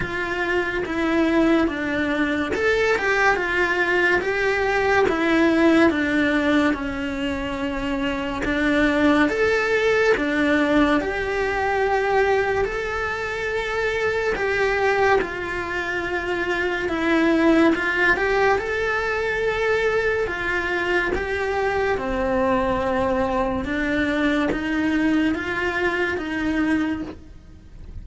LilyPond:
\new Staff \with { instrumentName = "cello" } { \time 4/4 \tempo 4 = 71 f'4 e'4 d'4 a'8 g'8 | f'4 g'4 e'4 d'4 | cis'2 d'4 a'4 | d'4 g'2 a'4~ |
a'4 g'4 f'2 | e'4 f'8 g'8 a'2 | f'4 g'4 c'2 | d'4 dis'4 f'4 dis'4 | }